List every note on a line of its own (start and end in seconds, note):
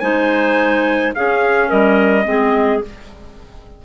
0.00 1.14 G#3
0.00 1.14 D#4
0.00 1.14 C5
0.00 1.12 G#5
1.14 2.25 C#4
1.14 1.71 C#4
1.14 1.68 G#4
1.14 1.70 F5
1.68 2.26 G3
1.68 2.24 A#4
1.68 2.82 D#5
2.25 2.82 G#3
2.25 2.81 C4
2.25 2.84 G#4